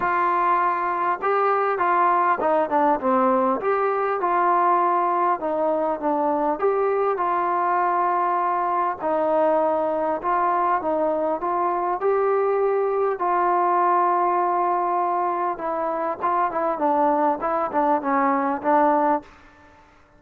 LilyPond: \new Staff \with { instrumentName = "trombone" } { \time 4/4 \tempo 4 = 100 f'2 g'4 f'4 | dis'8 d'8 c'4 g'4 f'4~ | f'4 dis'4 d'4 g'4 | f'2. dis'4~ |
dis'4 f'4 dis'4 f'4 | g'2 f'2~ | f'2 e'4 f'8 e'8 | d'4 e'8 d'8 cis'4 d'4 | }